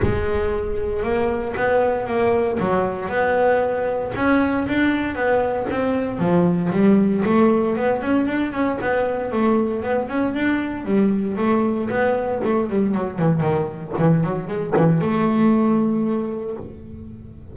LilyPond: \new Staff \with { instrumentName = "double bass" } { \time 4/4 \tempo 4 = 116 gis2 ais4 b4 | ais4 fis4 b2 | cis'4 d'4 b4 c'4 | f4 g4 a4 b8 cis'8 |
d'8 cis'8 b4 a4 b8 cis'8 | d'4 g4 a4 b4 | a8 g8 fis8 e8 dis4 e8 fis8 | gis8 e8 a2. | }